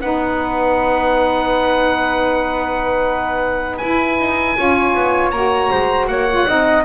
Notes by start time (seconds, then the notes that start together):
0.00 B3 D#4 B4 F#5
3.77 E4 G#5
4.19 D#4
4.57 C#4 F4 C#5
4.94 B3
5.31 A#3 F#4 A#5
5.71 G#3 C5
6.07 A#3 C#5 F#5
6.29 F4
6.47 C4 D#4 D#5